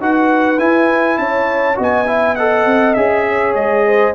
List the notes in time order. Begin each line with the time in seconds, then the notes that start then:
0.00 D#4 F#4 B4 F#5
0.58 E4 G#5
1.18 C#4 C#5 A5
1.75 B3 F#4 D#5
1.83 G#5
2.06 E4 E5
2.36 A4 D#5 F#5
2.65 C4
2.94 C#4 G#4 E5
3.29 C#5
3.55 G#3 D#5
3.86 C5